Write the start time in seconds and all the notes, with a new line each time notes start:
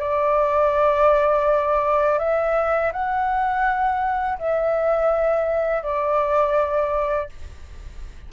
0.00 D5
2.19 E5
2.93 F#5
4.39 E5
5.83 D5